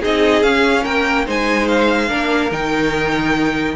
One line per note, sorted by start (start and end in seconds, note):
0.00 0.43 C4
0.00 0.43 D#4
0.00 0.83 G#4
0.00 0.42 D#5
0.42 0.85 C#4
0.42 1.26 C#4
0.42 0.84 F5
0.83 1.27 A#3
0.83 1.24 A#4
0.83 1.26 G5
1.26 2.10 G#3
1.26 2.08 D#4
1.26 2.09 C5
1.26 1.67 G#5
1.67 2.51 F5
2.08 2.51 A#3
2.08 2.49 D4
2.08 3.75 A#4
2.51 3.76 D#3
2.51 3.76 D#4
2.51 3.76 G5